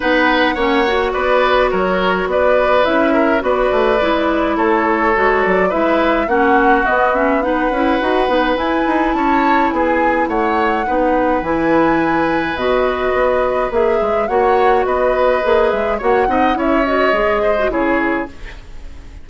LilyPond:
<<
  \new Staff \with { instrumentName = "flute" } { \time 4/4 \tempo 4 = 105 fis''2 d''4 cis''4 | d''4 e''4 d''2 | cis''4. d''8 e''4 fis''4 | dis''8 e''8 fis''2 gis''4 |
a''4 gis''4 fis''2 | gis''2 dis''2 | e''4 fis''4 dis''4. e''8 | fis''4 e''8 dis''4. cis''4 | }
  \new Staff \with { instrumentName = "oboe" } { \time 4/4 b'4 cis''4 b'4 ais'4 | b'4. ais'8 b'2 | a'2 b'4 fis'4~ | fis'4 b'2. |
cis''4 gis'4 cis''4 b'4~ | b'1~ | b'4 cis''4 b'2 | cis''8 dis''8 cis''4. c''8 gis'4 | }
  \new Staff \with { instrumentName = "clarinet" } { \time 4/4 dis'4 cis'8 fis'2~ fis'8~ | fis'4 e'4 fis'4 e'4~ | e'4 fis'4 e'4 cis'4 | b8 cis'8 dis'8 e'8 fis'8 dis'8 e'4~ |
e'2. dis'4 | e'2 fis'2 | gis'4 fis'2 gis'4 | fis'8 dis'8 e'8 fis'8 gis'8. fis'16 e'4 | }
  \new Staff \with { instrumentName = "bassoon" } { \time 4/4 b4 ais4 b4 fis4 | b4 cis'4 b8 a8 gis4 | a4 gis8 fis8 gis4 ais4 | b4. cis'8 dis'8 b8 e'8 dis'8 |
cis'4 b4 a4 b4 | e2 b,4 b4 | ais8 gis8 ais4 b4 ais8 gis8 | ais8 c'8 cis'4 gis4 cis4 | }
>>